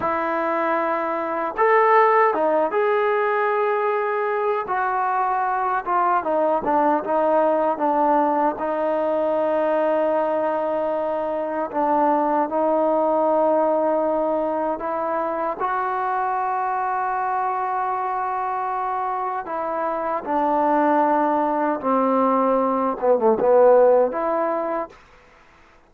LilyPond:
\new Staff \with { instrumentName = "trombone" } { \time 4/4 \tempo 4 = 77 e'2 a'4 dis'8 gis'8~ | gis'2 fis'4. f'8 | dis'8 d'8 dis'4 d'4 dis'4~ | dis'2. d'4 |
dis'2. e'4 | fis'1~ | fis'4 e'4 d'2 | c'4. b16 a16 b4 e'4 | }